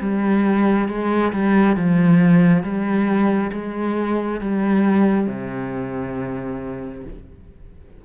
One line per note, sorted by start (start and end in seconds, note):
0.00 0.88 G3
0.88 1.32 G#3
1.32 1.76 G3
1.76 2.63 F3
2.63 3.51 G3
3.52 4.40 G#3
4.40 5.27 G3
5.27 7.03 C3